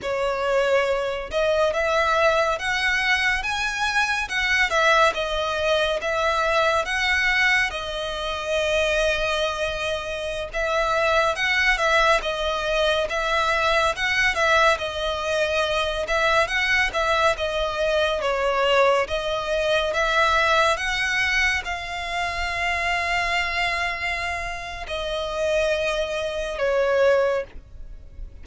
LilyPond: \new Staff \with { instrumentName = "violin" } { \time 4/4 \tempo 4 = 70 cis''4. dis''8 e''4 fis''4 | gis''4 fis''8 e''8 dis''4 e''4 | fis''4 dis''2.~ | dis''16 e''4 fis''8 e''8 dis''4 e''8.~ |
e''16 fis''8 e''8 dis''4. e''8 fis''8 e''16~ | e''16 dis''4 cis''4 dis''4 e''8.~ | e''16 fis''4 f''2~ f''8.~ | f''4 dis''2 cis''4 | }